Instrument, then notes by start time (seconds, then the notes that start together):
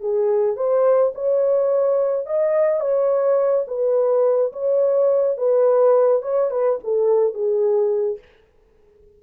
horn
0.00 G#4
0.56 C5
1.14 C#5
2.26 D#5
2.80 C#5
3.67 B4
4.52 C#5
5.37 B4
6.22 C#5
6.51 B4
6.83 A4
7.34 G#4